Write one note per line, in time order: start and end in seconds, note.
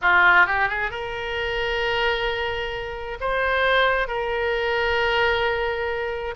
0.01 0.46 F4
0.46 0.69 G4
0.69 0.90 G#4
0.90 3.18 A#4
3.20 4.07 C5
4.07 6.34 A#4